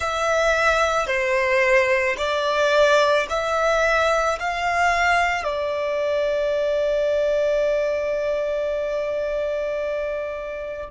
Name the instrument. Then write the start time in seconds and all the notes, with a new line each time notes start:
violin
0.00 E5
1.07 C5
2.17 D5
3.29 E5
4.39 F5
5.43 D5